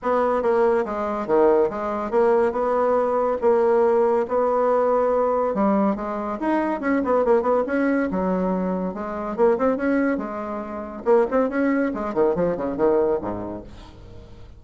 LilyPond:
\new Staff \with { instrumentName = "bassoon" } { \time 4/4 \tempo 4 = 141 b4 ais4 gis4 dis4 | gis4 ais4 b2 | ais2 b2~ | b4 g4 gis4 dis'4 |
cis'8 b8 ais8 b8 cis'4 fis4~ | fis4 gis4 ais8 c'8 cis'4 | gis2 ais8 c'8 cis'4 | gis8 dis8 f8 cis8 dis4 gis,4 | }